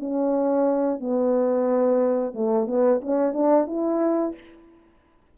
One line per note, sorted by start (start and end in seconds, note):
0.00 1.01 C#4
1.01 2.34 B3
2.34 2.68 A3
2.68 3.01 B3
3.01 3.33 C#4
3.33 3.67 D4
3.67 4.35 E4